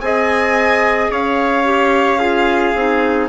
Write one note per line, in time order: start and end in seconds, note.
0.00 1.09 C4
0.00 1.64 G#4
0.00 1.10 D#5
0.00 1.10 G#5
1.09 2.73 C#4
1.09 2.19 C#5
1.09 3.28 F5
1.64 2.18 G4
2.19 2.73 F4
2.19 3.28 G#4
2.74 3.28 C4
2.74 3.28 D#4